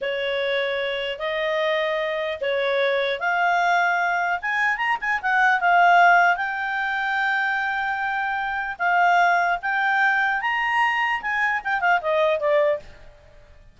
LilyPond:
\new Staff \with { instrumentName = "clarinet" } { \time 4/4 \tempo 4 = 150 cis''2. dis''4~ | dis''2 cis''2 | f''2. gis''4 | ais''8 gis''8 fis''4 f''2 |
g''1~ | g''2 f''2 | g''2 ais''2 | gis''4 g''8 f''8 dis''4 d''4 | }